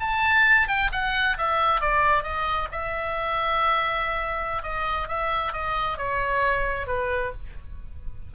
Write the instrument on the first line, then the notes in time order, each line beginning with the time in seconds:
oboe
0.00 A5
0.68 G5
0.92 F#5
1.38 E5
1.81 D5
2.23 D#5
2.72 E5
4.63 D#5
5.08 E5
5.53 D#5
5.98 C#5
6.87 B4